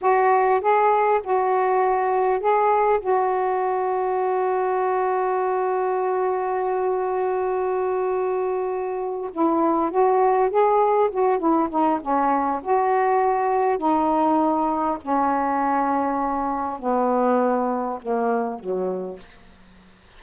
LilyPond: \new Staff \with { instrumentName = "saxophone" } { \time 4/4 \tempo 4 = 100 fis'4 gis'4 fis'2 | gis'4 fis'2.~ | fis'1~ | fis'2.~ fis'8 e'8~ |
e'8 fis'4 gis'4 fis'8 e'8 dis'8 | cis'4 fis'2 dis'4~ | dis'4 cis'2. | b2 ais4 fis4 | }